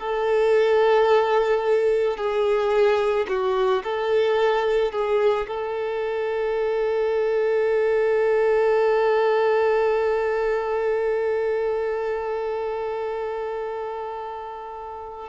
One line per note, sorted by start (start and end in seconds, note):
0.00 2.18 A4
2.18 3.27 G#4
3.28 3.83 F#4
3.84 4.92 A4
4.92 5.47 G#4
5.48 15.29 A4